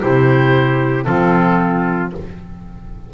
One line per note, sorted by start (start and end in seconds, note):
0.00 1.07 C3
0.00 1.06 E4
0.00 1.07 G4
0.00 1.04 C5
1.04 2.13 F3
1.04 2.12 C4
1.04 2.13 F4
1.04 2.10 A4